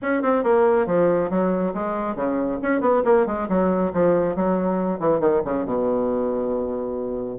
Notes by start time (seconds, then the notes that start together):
0.02 C#4
0.22 C4
0.43 A#3
0.86 F3
1.29 F#3
1.74 G#3
2.15 C#3
2.62 C#4
2.80 B3
3.04 A#3
3.26 G#3
3.48 F#3
3.93 F3
4.35 F#3
4.99 E3
5.20 D#3
5.44 C#3
5.65 B2